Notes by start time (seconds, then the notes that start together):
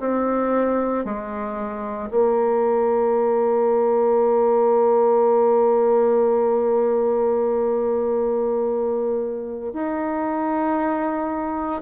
0.00 C4
1.04 G#3
2.10 A#3
9.73 D#4